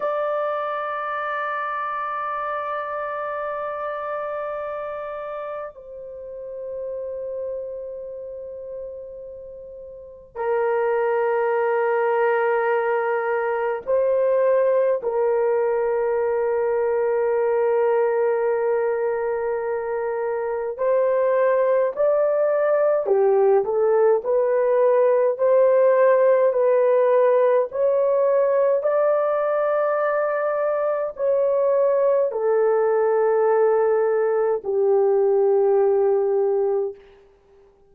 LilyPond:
\new Staff \with { instrumentName = "horn" } { \time 4/4 \tempo 4 = 52 d''1~ | d''4 c''2.~ | c''4 ais'2. | c''4 ais'2.~ |
ais'2 c''4 d''4 | g'8 a'8 b'4 c''4 b'4 | cis''4 d''2 cis''4 | a'2 g'2 | }